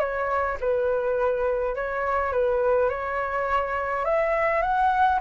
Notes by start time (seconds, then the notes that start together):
0.00 C#5
0.61 B4
1.75 C#5
2.33 B4
2.90 C#5
4.05 E5
4.62 F#5